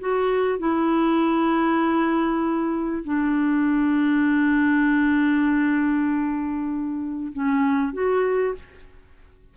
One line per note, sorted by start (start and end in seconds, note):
0.00 0.59 F#4
0.59 3.04 E4
3.04 7.33 D4
7.33 7.94 C#4
7.94 8.55 F#4